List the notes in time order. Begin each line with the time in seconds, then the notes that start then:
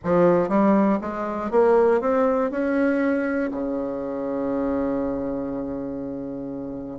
0.03 F3
0.48 G3
1.01 G#3
1.50 A#3
2.00 C4
2.50 C#4
3.51 C#3